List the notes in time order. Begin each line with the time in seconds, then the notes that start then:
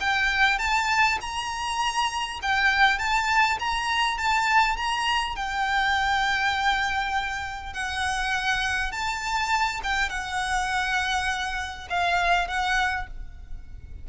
0.00 G5
0.58 A5
1.21 A#5
2.42 G5
2.98 A5
3.59 A#5
4.17 A5
4.76 A#5
5.35 G5
7.73 F#5
8.91 A5
9.83 G5
10.09 F#5
11.89 F5
12.47 F#5